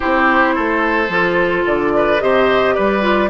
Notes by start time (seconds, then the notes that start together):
0.00 C4 E4 G4 C5
0.54 A3 A4
1.08 F3 F4
1.66 D3 D5
1.95 B4
2.19 C3 G4 C5 D#5
2.74 G3 B4 D5
3.01 F4